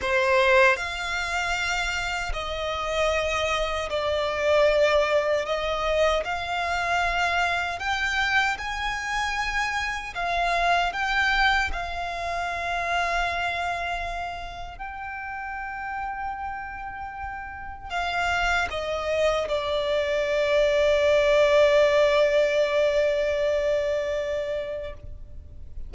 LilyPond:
\new Staff \with { instrumentName = "violin" } { \time 4/4 \tempo 4 = 77 c''4 f''2 dis''4~ | dis''4 d''2 dis''4 | f''2 g''4 gis''4~ | gis''4 f''4 g''4 f''4~ |
f''2. g''4~ | g''2. f''4 | dis''4 d''2.~ | d''1 | }